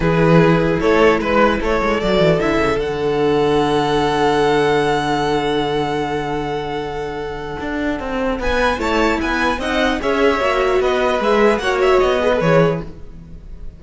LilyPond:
<<
  \new Staff \with { instrumentName = "violin" } { \time 4/4 \tempo 4 = 150 b'2 cis''4 b'4 | cis''4 d''4 e''4 fis''4~ | fis''1~ | fis''1~ |
fis''1~ | fis''4 gis''4 a''4 gis''4 | fis''4 e''2 dis''4 | e''4 fis''8 e''8 dis''4 cis''4 | }
  \new Staff \with { instrumentName = "violin" } { \time 4/4 gis'2 a'4 b'4 | a'1~ | a'1~ | a'1~ |
a'1~ | a'4 b'4 cis''4 b'4 | dis''4 cis''2 b'4~ | b'4 cis''4. b'4. | }
  \new Staff \with { instrumentName = "viola" } { \time 4/4 e'1~ | e'4 fis'4 e'4 d'4~ | d'1~ | d'1~ |
d'1~ | d'2 e'2 | dis'4 gis'4 fis'2 | gis'4 fis'4. gis'16 a'16 gis'4 | }
  \new Staff \with { instrumentName = "cello" } { \time 4/4 e2 a4 gis4 | a8 gis8 fis8 e8 d8 cis8 d4~ | d1~ | d1~ |
d2. d'4 | c'4 b4 a4 b4 | c'4 cis'4 ais4 b4 | gis4 ais4 b4 e4 | }
>>